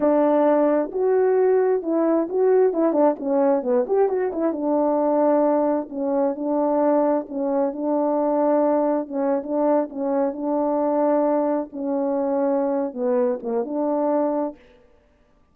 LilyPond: \new Staff \with { instrumentName = "horn" } { \time 4/4 \tempo 4 = 132 d'2 fis'2 | e'4 fis'4 e'8 d'8 cis'4 | b8 g'8 fis'8 e'8 d'2~ | d'4 cis'4 d'2 |
cis'4 d'2. | cis'8. d'4 cis'4 d'4~ d'16~ | d'4.~ d'16 cis'2~ cis'16~ | cis'8 b4 ais8 d'2 | }